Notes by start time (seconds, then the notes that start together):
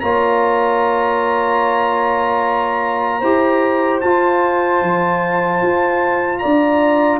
0.00 A#3 F4 C#5 A#5
3.19 E4 G4 C5
4.00 F4 A5
4.82 F3
5.62 F4
6.38 D4 D5 A#5